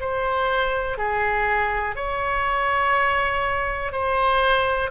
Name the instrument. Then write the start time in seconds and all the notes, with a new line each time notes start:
oboe
0.00 C5
0.97 G#4
1.95 C#5
3.92 C5